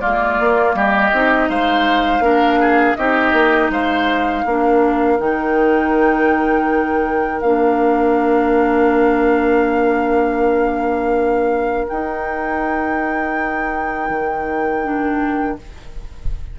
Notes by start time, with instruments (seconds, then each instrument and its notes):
0.00 bassoon G#3, clarinet A#3, oboe F4, flute D5
0.40 bassoon A#3
0.75 bassoon G3, oboe G4, flute D#5
1.13 bassoon C4, clarinet D#4
1.50 bassoon G#3, oboe C5, flute F5
2.20 bassoon A#3, clarinet D4, oboe A#4
2.61 oboe G#4
2.96 bassoon C4, clarinet D#4, oboe G4, flute D#5
3.33 bassoon A#3
3.70 bassoon G#3, oboe C5, flute F5
4.45 bassoon A#3, clarinet D4, oboe A#4
5.19 bassoon D#3, clarinet D#4, flute G5
7.41 bassoon A#3, clarinet D4, flute F5
11.88 clarinet D#4, bassoon D#4, flute G5
14.10 bassoon D#3
14.84 clarinet D4